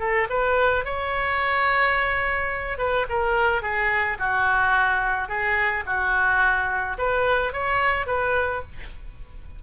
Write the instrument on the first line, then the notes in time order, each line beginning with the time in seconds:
oboe
0.00 A4
0.30 B4
0.85 C#5
2.79 B4
3.10 A#4
3.63 G#4
4.19 F#4
5.29 G#4
5.86 F#4
6.98 B4
7.53 C#5
8.07 B4